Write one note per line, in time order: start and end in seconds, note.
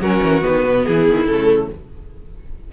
0.00 0.21 F#3
0.00 0.42 C#4
0.00 0.85 F#4
0.00 0.44 A#4
0.23 0.44 E3
0.42 1.25 B3
0.42 0.86 B4
0.48 0.65 D#3
0.65 0.85 B2
0.86 1.09 E3
0.86 1.72 E4
0.86 1.26 G#4
1.09 1.28 D#3
1.26 1.70 C#3
1.26 1.73 A3
1.26 1.68 A4